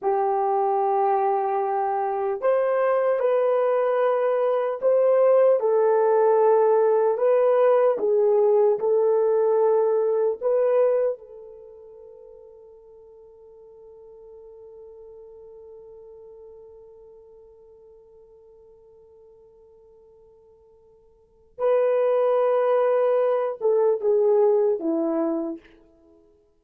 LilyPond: \new Staff \with { instrumentName = "horn" } { \time 4/4 \tempo 4 = 75 g'2. c''4 | b'2 c''4 a'4~ | a'4 b'4 gis'4 a'4~ | a'4 b'4 a'2~ |
a'1~ | a'1~ | a'2. b'4~ | b'4. a'8 gis'4 e'4 | }